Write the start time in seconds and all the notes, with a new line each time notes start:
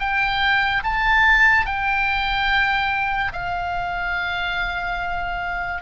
0.00 G5
0.83 A5
1.66 G5
3.33 F5